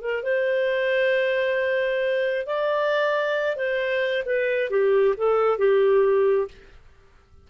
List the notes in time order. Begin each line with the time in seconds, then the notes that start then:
0.00 A#4
0.23 C5
2.46 D5
3.56 C5
4.25 B4
4.70 G4
5.17 A4
5.58 G4